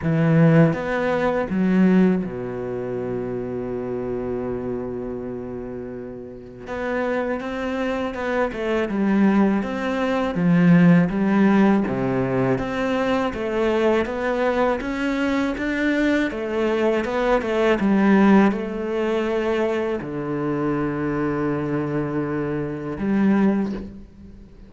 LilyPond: \new Staff \with { instrumentName = "cello" } { \time 4/4 \tempo 4 = 81 e4 b4 fis4 b,4~ | b,1~ | b,4 b4 c'4 b8 a8 | g4 c'4 f4 g4 |
c4 c'4 a4 b4 | cis'4 d'4 a4 b8 a8 | g4 a2 d4~ | d2. g4 | }